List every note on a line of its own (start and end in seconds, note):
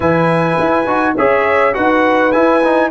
0.00 0.57 E3
0.00 0.86 E4
0.00 1.14 B4
0.00 1.15 G#5
0.59 0.87 E4
0.86 1.16 D#4
0.86 1.15 F#4
1.16 1.76 C#4
1.16 1.73 G#4
1.16 1.74 C#5
1.16 1.74 E5
1.73 2.35 D#4
1.73 2.31 F#4
1.73 2.91 B4
1.73 2.31 F#5
2.31 2.62 E4
2.31 2.91 E4
2.31 2.90 G#5
2.63 2.91 D#4